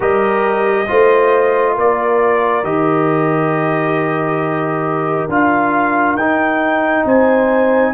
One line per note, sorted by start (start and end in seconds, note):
0.00 0.88 G3
0.00 0.86 G4
0.00 0.87 A#4
0.00 1.77 D#5
0.87 1.77 A3
0.87 2.64 F4
0.87 1.74 C5
1.74 2.63 A#3
1.74 7.04 A#4
1.74 2.64 D5
2.63 5.28 D#3
2.63 5.28 G4
2.63 5.29 D#5
5.28 6.15 D4
5.28 6.18 F4
5.28 6.16 F5
6.15 7.03 D#4
6.15 7.93 D#4
6.15 7.04 G5
7.05 7.93 C4
7.05 7.93 C5
7.05 7.93 G#5